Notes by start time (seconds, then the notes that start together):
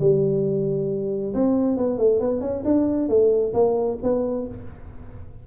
0.00 G3
1.34 C4
1.77 B3
1.98 A3
2.20 B3
2.41 C#4
2.65 D4
3.09 A3
3.53 A#3
4.02 B3